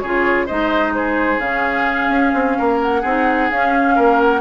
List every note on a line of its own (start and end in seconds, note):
0.00 0.50 C#3
0.00 0.49 F4
0.00 0.46 G#4
0.00 0.47 C#5
0.46 1.39 G#3
0.46 1.41 D#4
0.46 0.93 C5
0.46 0.94 D#5
0.94 2.58 G#4
0.94 1.40 C5
1.39 2.09 C#3
1.39 3.03 C#4
1.39 2.79 F5
2.09 2.32 C#4
2.34 2.57 C4
2.58 3.04 A#3
2.58 3.02 A#4
2.81 3.51 F#5
3.02 3.50 C4
3.02 3.51 D#4
3.02 3.95 G#4
3.51 3.98 C#4
3.51 4.41 C#4
3.51 4.21 F5
3.96 4.41 A#3
3.96 4.41 A#4
4.21 4.41 F#5